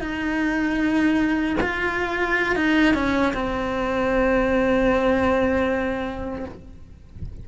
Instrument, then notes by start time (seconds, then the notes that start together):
cello
0.00 D#4
1.61 F4
2.56 D#4
2.94 C#4
3.34 C4